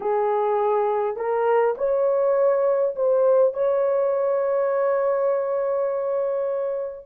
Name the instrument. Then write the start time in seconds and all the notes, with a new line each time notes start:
horn
0.00 G#4
1.16 A#4
1.77 C#5
2.95 C5
3.53 C#5